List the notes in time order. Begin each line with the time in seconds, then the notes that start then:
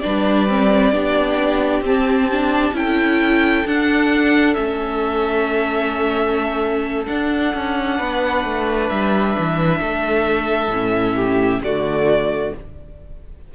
0.00 G3 D4 B4 D5
0.48 C4
0.92 B3 D4 G4
1.81 C4 A5
2.31 D4
2.73 C#4 E4 A4 G5
3.66 D4 F#5
4.54 A3 C#4 E5
7.06 D4 F#5
7.55 C#4
7.98 B3 B4
8.45 A3
8.89 G3 E5
9.39 E3
9.80 A3 A4
10.69 A2 C#4
11.16 G4
11.60 D3 A3 F#4 D5